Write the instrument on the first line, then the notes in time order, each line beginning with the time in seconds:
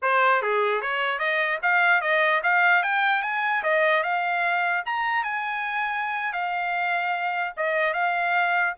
trumpet
0.01 C5
0.42 G#4
0.81 C#5
1.18 D#5
1.62 F5
2.01 D#5
2.43 F5
2.82 G5
3.22 G#5
3.63 D#5
4.03 F5
4.85 A#5
5.23 G#5
6.33 F5
7.56 D#5
7.93 F5